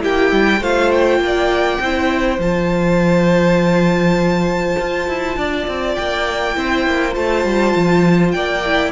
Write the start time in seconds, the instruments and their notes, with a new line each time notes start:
0.00 cello A#3, viola E4, violin G4 G5
0.32 cello G3
0.60 cello A3, viola F4, violin C5 F5
0.91 violin G5
1.19 cello A#3
1.25 violin D5
1.80 cello C4, viola E4, violin C5
2.38 cello F3, viola F4, violin A5
4.80 cello F4
5.08 cello E4
5.37 cello D4, violin D5
5.67 cello C4
5.95 cello A#3, violin G5
6.54 cello C4, viola E4, violin C5
6.87 cello A#3
7.12 cello A3, viola F4, violin A5
7.44 cello G3
7.75 cello F3
8.31 cello A#3, violin D5 G5
8.65 viola E4